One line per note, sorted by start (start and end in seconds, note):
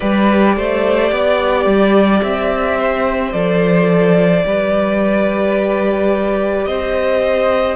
0.00 0.57 G3
0.00 3.32 G4
0.00 0.55 B4
0.00 2.20 D5
0.56 1.11 A3
0.56 1.12 C5
1.11 1.66 B3
1.11 2.78 D5
1.66 2.21 G3
2.22 3.33 C4
2.22 3.32 E5
2.78 4.44 C5
3.32 4.44 F3
3.32 4.44 A4
3.32 6.66 D5
4.44 6.66 G3
4.44 7.76 G4
4.44 6.68 B4
6.66 7.76 C4
6.66 7.76 C5
6.66 7.76 D#5